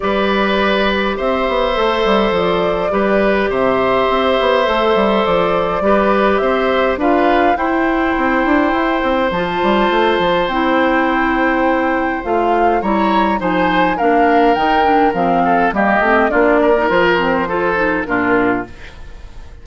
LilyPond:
<<
  \new Staff \with { instrumentName = "flute" } { \time 4/4 \tempo 4 = 103 d''2 e''2 | d''2 e''2~ | e''4 d''2 e''4 | f''4 g''2. |
a''2 g''2~ | g''4 f''4 ais''4 gis''4 | f''4 g''4 f''4 dis''4 | d''4 c''2 ais'4 | }
  \new Staff \with { instrumentName = "oboe" } { \time 4/4 b'2 c''2~ | c''4 b'4 c''2~ | c''2 b'4 c''4 | b'4 c''2.~ |
c''1~ | c''2 cis''4 c''4 | ais'2~ ais'8 a'8 g'4 | f'8 ais'4. a'4 f'4 | }
  \new Staff \with { instrumentName = "clarinet" } { \time 4/4 g'2. a'4~ | a'4 g'2. | a'2 g'2 | f'4 e'2. |
f'2 e'2~ | e'4 f'4 e'4 dis'4 | d'4 dis'8 d'8 c'4 ais8 c'8 | d'8. dis'16 f'8 c'8 f'8 dis'8 d'4 | }
  \new Staff \with { instrumentName = "bassoon" } { \time 4/4 g2 c'8 b8 a8 g8 | f4 g4 c4 c'8 b8 | a8 g8 f4 g4 c'4 | d'4 e'4 c'8 d'8 e'8 c'8 |
f8 g8 a8 f8 c'2~ | c'4 a4 g4 f4 | ais4 dis4 f4 g8 a8 | ais4 f2 ais,4 | }
>>